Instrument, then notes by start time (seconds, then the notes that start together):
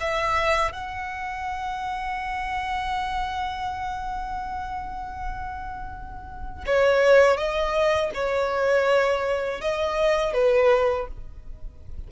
violin
0.00 E5
0.72 F#5
6.66 C#5
7.37 D#5
8.14 C#5
9.61 D#5
10.33 B4